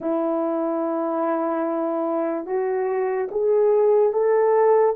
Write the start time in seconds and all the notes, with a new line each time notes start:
0.00 E4
2.45 F#4
3.31 G#4
4.12 A4